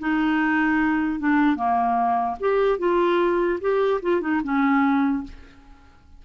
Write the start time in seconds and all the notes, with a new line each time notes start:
0.00 D#4
1.20 D4
1.56 A#3
2.40 G4
2.79 F4
3.61 G4
4.02 F4
4.22 D#4
4.44 C#4